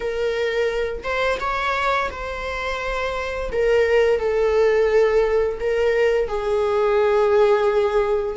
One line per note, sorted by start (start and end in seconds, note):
0.00 1.03 A#4
1.03 1.38 C5
1.40 2.09 C#5
2.11 3.50 C5
3.51 4.19 A#4
4.19 5.58 A4
5.60 6.28 A#4
6.28 8.37 G#4